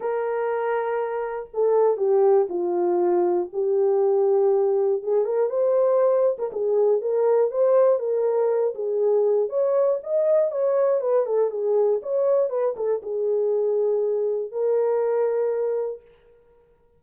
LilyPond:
\new Staff \with { instrumentName = "horn" } { \time 4/4 \tempo 4 = 120 ais'2. a'4 | g'4 f'2 g'4~ | g'2 gis'8 ais'8 c''4~ | c''8. ais'16 gis'4 ais'4 c''4 |
ais'4. gis'4. cis''4 | dis''4 cis''4 b'8 a'8 gis'4 | cis''4 b'8 a'8 gis'2~ | gis'4 ais'2. | }